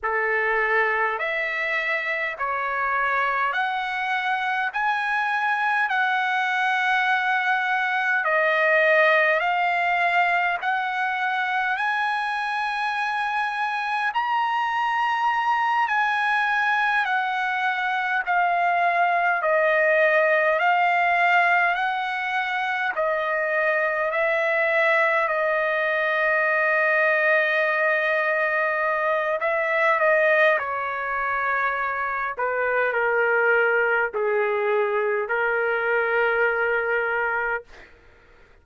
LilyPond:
\new Staff \with { instrumentName = "trumpet" } { \time 4/4 \tempo 4 = 51 a'4 e''4 cis''4 fis''4 | gis''4 fis''2 dis''4 | f''4 fis''4 gis''2 | ais''4. gis''4 fis''4 f''8~ |
f''8 dis''4 f''4 fis''4 dis''8~ | dis''8 e''4 dis''2~ dis''8~ | dis''4 e''8 dis''8 cis''4. b'8 | ais'4 gis'4 ais'2 | }